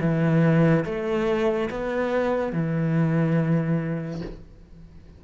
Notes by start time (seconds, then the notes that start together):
0.00 E3
0.85 A3
1.70 B3
2.52 E3